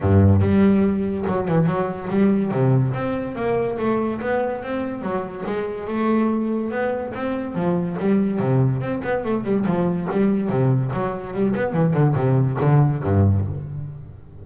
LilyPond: \new Staff \with { instrumentName = "double bass" } { \time 4/4 \tempo 4 = 143 g,4 g2 fis8 e8 | fis4 g4 c4 c'4 | ais4 a4 b4 c'4 | fis4 gis4 a2 |
b4 c'4 f4 g4 | c4 c'8 b8 a8 g8 f4 | g4 c4 fis4 g8 b8 | e8 d8 c4 d4 g,4 | }